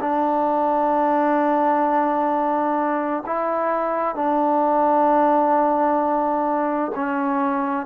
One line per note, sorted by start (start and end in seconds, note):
0.00 3.23 D4
3.26 4.15 E4
4.15 6.91 D4
6.95 7.86 C#4